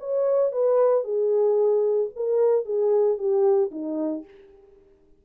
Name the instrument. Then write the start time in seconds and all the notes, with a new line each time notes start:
horn
0.00 C#5
0.52 B4
1.04 G#4
2.16 A#4
2.66 G#4
3.18 G4
3.72 D#4